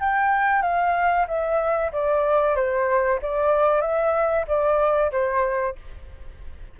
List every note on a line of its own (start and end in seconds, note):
0.00 0.62 G5
0.62 1.26 F5
1.28 1.91 E5
1.93 2.56 D5
2.56 3.19 C5
3.22 3.81 D5
3.81 4.45 E5
4.48 5.12 D5
5.12 5.76 C5